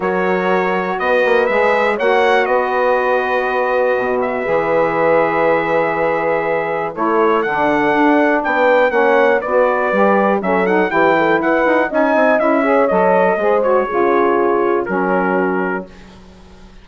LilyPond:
<<
  \new Staff \with { instrumentName = "trumpet" } { \time 4/4 \tempo 4 = 121 cis''2 dis''4 e''4 | fis''4 dis''2.~ | dis''8 e''2.~ e''8~ | e''2 cis''4 fis''4~ |
fis''4 g''4 fis''4 d''4~ | d''4 e''8 fis''8 g''4 fis''4 | gis''4 e''4 dis''4. cis''8~ | cis''2 ais'2 | }
  \new Staff \with { instrumentName = "horn" } { \time 4/4 ais'2 b'2 | cis''4 b'2.~ | b'1~ | b'2 a'2~ |
a'4 b'4 cis''4 b'4~ | b'4 a'4 g'8 a'8 b'4 | dis''4. cis''4. c''4 | gis'2 fis'2 | }
  \new Staff \with { instrumentName = "saxophone" } { \time 4/4 fis'2. gis'4 | fis'1~ | fis'4 gis'2.~ | gis'2 e'4 d'4~ |
d'2 cis'4 fis'4 | g'4 cis'8 dis'8 e'2 | dis'4 e'8 gis'8 a'4 gis'8 fis'8 | f'2 cis'2 | }
  \new Staff \with { instrumentName = "bassoon" } { \time 4/4 fis2 b8 ais8 gis4 | ais4 b2. | b,4 e2.~ | e2 a4 d4 |
d'4 b4 ais4 b4 | g4 fis4 e4 e'8 dis'8 | cis'8 c'8 cis'4 fis4 gis4 | cis2 fis2 | }
>>